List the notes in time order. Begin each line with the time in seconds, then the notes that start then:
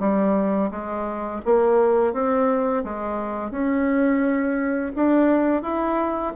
0.00 G3
0.71 G#3
1.45 A#3
2.13 C4
2.84 G#3
3.51 C#4
4.96 D4
5.62 E4